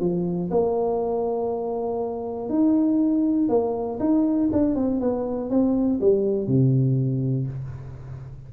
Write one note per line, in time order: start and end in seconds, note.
0.00 0.50 F3
0.51 2.49 A#3
2.49 3.49 D#4
3.49 3.99 A#3
4.00 4.50 D#4
4.52 4.75 D4
4.75 5.00 C4
5.00 5.50 B3
5.50 6.00 C4
6.00 6.47 G3
6.47 7.47 C3